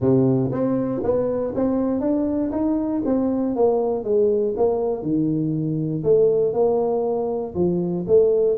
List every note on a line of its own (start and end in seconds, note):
0.00 0.51 C3
0.51 1.02 C4
1.03 1.53 B3
1.55 2.00 C4
2.00 2.50 D4
2.51 3.02 D#4
3.05 3.55 C4
3.55 4.04 A#3
4.04 4.54 G#3
4.56 5.02 A#3
5.02 6.03 D#3
6.03 6.53 A3
6.53 7.54 A#3
7.54 8.05 F3
8.07 8.57 A3